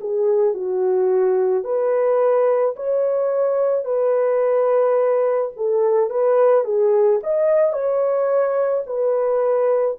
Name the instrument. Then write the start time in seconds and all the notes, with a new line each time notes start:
horn
0.00 G#4
0.54 F#4
1.64 B4
2.76 C#5
3.84 B4
5.56 A4
6.10 B4
6.64 G#4
7.23 D#5
7.72 C#5
8.86 B4